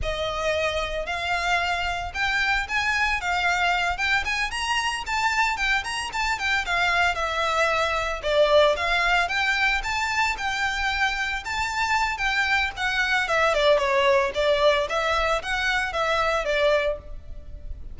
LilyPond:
\new Staff \with { instrumentName = "violin" } { \time 4/4 \tempo 4 = 113 dis''2 f''2 | g''4 gis''4 f''4. g''8 | gis''8 ais''4 a''4 g''8 ais''8 a''8 | g''8 f''4 e''2 d''8~ |
d''8 f''4 g''4 a''4 g''8~ | g''4. a''4. g''4 | fis''4 e''8 d''8 cis''4 d''4 | e''4 fis''4 e''4 d''4 | }